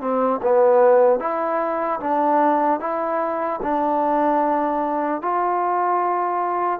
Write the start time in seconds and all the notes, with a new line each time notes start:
0.00 C4
0.42 B3
1.19 E4
2.00 D4
2.80 E4
3.62 D4
5.21 F4